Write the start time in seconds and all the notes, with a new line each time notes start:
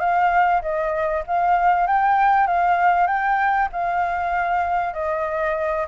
0.00 F5
0.62 D#5
1.27 F5
1.87 G5
2.47 F5
3.07 G5
3.73 F5
4.94 D#5